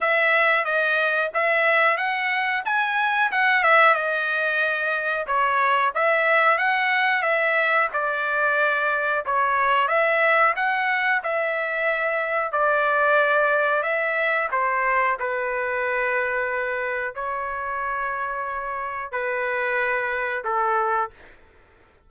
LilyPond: \new Staff \with { instrumentName = "trumpet" } { \time 4/4 \tempo 4 = 91 e''4 dis''4 e''4 fis''4 | gis''4 fis''8 e''8 dis''2 | cis''4 e''4 fis''4 e''4 | d''2 cis''4 e''4 |
fis''4 e''2 d''4~ | d''4 e''4 c''4 b'4~ | b'2 cis''2~ | cis''4 b'2 a'4 | }